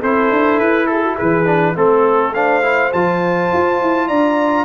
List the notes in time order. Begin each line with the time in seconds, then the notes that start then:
0.00 C4 E4 A4 C5
0.31 D4
0.59 E4 B4
0.87 G#4 A4
1.04 F#4
1.16 E3 G#4 B4
1.46 D4
1.75 A3 C4 A4
2.34 D4 C5 F5
2.63 E4
2.93 F3 F4 A5
3.53 F4
3.82 E4
4.08 D4 D5 A#5